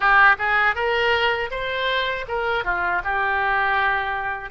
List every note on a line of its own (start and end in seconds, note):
0.00 0.35 G4
0.38 0.75 G#4
0.75 1.50 A#4
1.50 2.25 C5
2.27 2.64 A#4
2.64 3.01 F4
3.04 4.50 G4